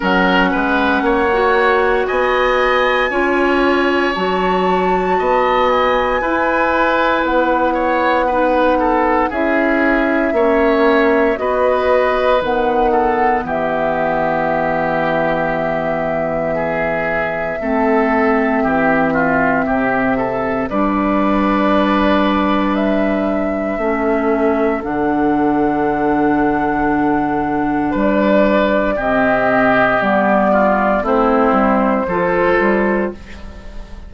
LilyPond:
<<
  \new Staff \with { instrumentName = "flute" } { \time 4/4 \tempo 4 = 58 fis''2 gis''2 | a''4. gis''4. fis''4~ | fis''4 e''2 dis''4 | fis''4 e''2.~ |
e''1 | d''2 e''2 | fis''2. d''4 | dis''4 d''4 c''2 | }
  \new Staff \with { instrumentName = "oboe" } { \time 4/4 ais'8 b'8 cis''4 dis''4 cis''4~ | cis''4 dis''4 b'4. cis''8 | b'8 a'8 gis'4 cis''4 b'4~ | b'8 a'8 g'2. |
gis'4 a'4 g'8 f'8 g'8 a'8 | b'2. a'4~ | a'2. b'4 | g'4. f'8 e'4 a'4 | }
  \new Staff \with { instrumentName = "clarinet" } { \time 4/4 cis'4~ cis'16 fis'4.~ fis'16 f'4 | fis'2 e'2 | dis'4 e'4 cis'4 fis'4 | b1~ |
b4 c'2. | d'2. cis'4 | d'1 | c'4 b4 c'4 f'4 | }
  \new Staff \with { instrumentName = "bassoon" } { \time 4/4 fis8 gis8 ais4 b4 cis'4 | fis4 b4 e'4 b4~ | b4 cis'4 ais4 b4 | dis4 e2.~ |
e4 a4 e4 c4 | g2. a4 | d2. g4 | c4 g4 a8 g8 f8 g8 | }
>>